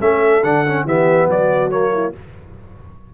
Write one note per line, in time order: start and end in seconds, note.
0.00 0.43 A3
0.00 0.43 C#4
0.00 0.86 A4
0.00 0.43 E5
0.43 0.84 D3
0.43 0.66 D4
0.43 0.86 F#5
0.66 0.87 C#4
0.84 1.27 E3
0.84 1.70 B3
0.84 1.28 G4
0.84 1.30 E5
1.27 2.12 F#3
1.27 1.92 F#4
1.27 1.70 D5
1.70 2.12 A#3
1.70 2.13 C#5
1.93 2.14 E4